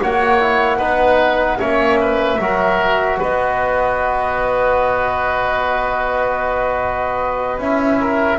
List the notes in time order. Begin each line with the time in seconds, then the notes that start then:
0.00 A#3 F#4 C#5 F#5
0.40 E4
0.78 B3 D#4 B4
1.59 A#3 C#4 C#5 E5
2.00 B4
2.39 F#3 F#4 A#4
3.19 B3 B4 D#5
7.58 C#4 E4 E5
8.00 A#4